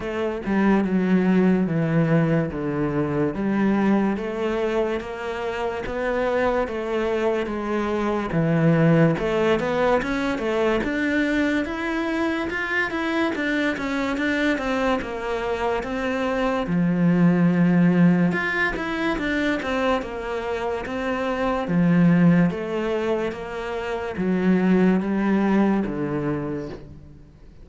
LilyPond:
\new Staff \with { instrumentName = "cello" } { \time 4/4 \tempo 4 = 72 a8 g8 fis4 e4 d4 | g4 a4 ais4 b4 | a4 gis4 e4 a8 b8 | cis'8 a8 d'4 e'4 f'8 e'8 |
d'8 cis'8 d'8 c'8 ais4 c'4 | f2 f'8 e'8 d'8 c'8 | ais4 c'4 f4 a4 | ais4 fis4 g4 d4 | }